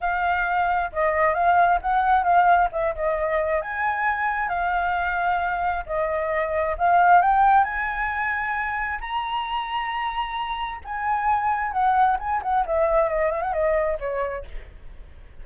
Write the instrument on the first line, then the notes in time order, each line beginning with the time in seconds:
flute
0.00 F5
0.92 D#5
1.33 F5
1.81 F#5
2.23 F5
2.72 E5
2.95 D#5
3.61 G#5
4.48 F5
5.85 D#5
6.78 F5
7.21 G5
7.63 G#5
9.00 A#5
10.84 G#5
11.71 F#5
12.19 G#5
12.42 F#5
12.66 E5
13.08 D#5
13.31 E5
13.41 F#5
13.52 D#5
13.99 C#5